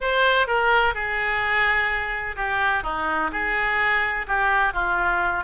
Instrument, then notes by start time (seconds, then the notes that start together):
oboe
0.00 C5
0.47 A#4
0.94 G#4
2.36 G4
2.83 D#4
3.32 G#4
4.27 G4
4.73 F4